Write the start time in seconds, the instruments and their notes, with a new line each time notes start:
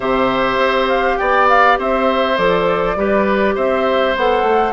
0.00 bassoon C3, clarinet G4, oboe C5, flute E5
0.57 bassoon C4
0.88 flute F5
1.17 bassoon B3, oboe D5, flute G5
1.48 flute F5
1.78 bassoon C4, oboe C5, flute E5
2.37 bassoon F3, clarinet A4, flute D5
2.96 bassoon G3, clarinet G4, oboe B4
3.54 bassoon C4, oboe C5, flute E5
4.15 bassoon B3, clarinet A4, flute F#5
4.42 bassoon A3